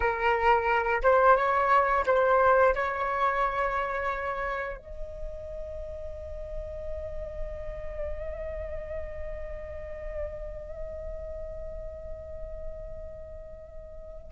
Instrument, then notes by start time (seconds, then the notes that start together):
flute
0.00 A#4
1.02 C5
1.36 C#5
2.06 C5
2.74 C#5
4.77 D#5